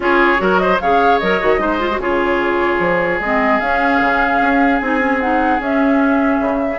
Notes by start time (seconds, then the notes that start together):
0.00 C#4 F4 G#4 C#5
0.37 F#3 F#4 A#4
0.58 C5 D#5
0.80 C#3 G#4 C#5 F5
1.19 F#3 A#4 D#5
1.40 D#3 F#4
1.58 G#3 D#4 C5
1.79 F4
1.90 F#4
1.97 C#3 F4 G#4 C#5
2.79 F3
3.20 G#3 C4 D#5
3.60 C#4 F5
4.00 C#3
4.41 C#4
4.79 C4 D#4 G#5
4.99 C#4
5.20 D#4 F#5
5.59 C#4 E5
6.40 C#3